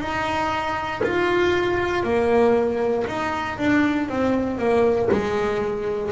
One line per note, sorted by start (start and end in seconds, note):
0.00 1.02 D#4
1.03 2.03 F4
2.03 3.05 A#3
3.07 3.58 D#4
3.58 4.09 D4
4.09 4.58 C4
4.58 5.09 A#3
5.11 6.12 G#3